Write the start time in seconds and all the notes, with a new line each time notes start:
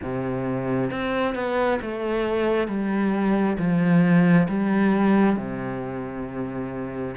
0.02 C3
0.90 C4
1.34 B3
1.82 A3
2.67 G3
3.57 F3
4.48 G3
5.36 C3